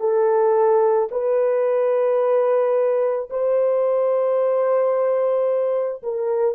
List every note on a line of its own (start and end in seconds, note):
0.00 1.09 A4
1.11 3.29 B4
3.30 6.02 C5
6.03 6.55 A#4